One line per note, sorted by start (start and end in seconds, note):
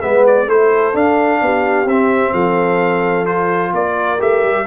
0.00 0.47 G#3
0.00 0.47 B3
0.00 0.47 B4
0.00 0.24 E5
0.26 0.49 D5
0.47 0.94 A3
0.47 0.93 E4
0.47 1.41 A4
0.47 0.96 C5
0.93 1.86 D4
0.93 1.41 D4
0.93 1.88 F5
1.41 1.85 B3
1.41 2.32 G4
1.85 2.31 C4
1.85 3.26 C4
1.85 2.33 E5
2.32 3.72 F3
2.32 3.72 A4
2.32 3.25 F5
3.25 4.18 F4
3.25 3.72 C5
3.72 4.20 A#3
3.72 4.65 A#4
3.72 4.21 D5
4.18 4.43 A3
4.18 4.65 G4
4.18 4.66 E5
4.43 4.66 G3